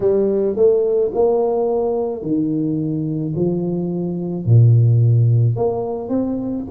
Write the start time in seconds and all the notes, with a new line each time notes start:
0.00 G3
0.56 A3
1.14 A#3
2.22 D#3
3.35 F3
4.44 A#2
5.56 A#3
6.09 C4